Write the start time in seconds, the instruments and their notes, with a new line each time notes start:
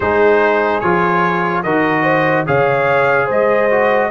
0.00 tuba G#3, trombone D#4, horn G#4, trumpet C5
0.80 tuba F3, trombone F4, trumpet C#5
1.62 tuba D#3, trombone F#4, horn A#4, trumpet D#5
2.03 horn C5
2.46 tuba C#3, trombone G#4, horn C#5, trumpet F5
3.26 tuba G#3, horn C5, trumpet D#5
3.70 trombone F#4